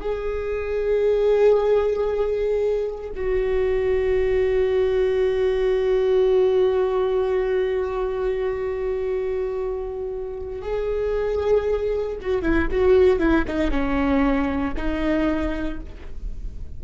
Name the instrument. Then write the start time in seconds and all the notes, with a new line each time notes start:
viola
0.00 G#4
3.15 F#4
10.62 G#4
12.21 F#4
12.42 E4
12.70 F#4
13.19 E4
13.47 D#4
13.71 C#4
14.76 D#4